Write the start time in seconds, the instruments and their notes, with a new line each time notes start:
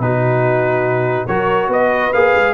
0.00 tuba B2, trombone D#4, horn F#4, trumpet B4
1.28 tuba F#3, trombone F#4, horn A#4, trumpet C#5
1.68 tuba B3, horn B4, trumpet D#5
2.14 tuba A#3, trombone G#4, trumpet F5
2.36 tuba G#3